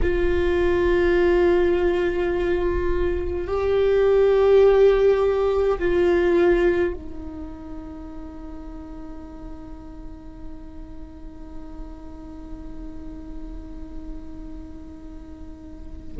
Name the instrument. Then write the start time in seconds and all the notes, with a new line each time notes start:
viola
0.02 F4
3.47 G4
5.78 F4
6.93 D#4